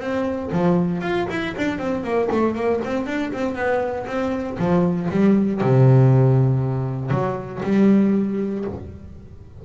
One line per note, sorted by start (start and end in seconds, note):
0.00 0.51 C4
0.52 1.02 F3
1.02 1.27 F4
1.30 1.56 E4
1.58 1.79 D4
1.79 2.04 C4
2.04 2.30 A#3
2.32 2.56 A3
2.56 2.81 A#3
2.85 3.07 C4
3.07 3.32 D4
3.33 3.56 C4
3.56 4.07 B3
4.07 4.58 C4
4.59 5.10 F3
5.11 5.62 G3
5.62 7.11 C3
7.11 7.62 F#3
7.63 8.65 G3